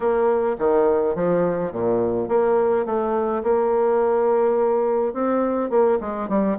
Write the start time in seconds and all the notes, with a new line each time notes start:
0.00 A#3
0.58 D#3
1.15 F3
1.71 A#2
2.28 A#3
2.85 A3
3.43 A#3
5.13 C4
5.70 A#3
6.00 G#3
6.29 G3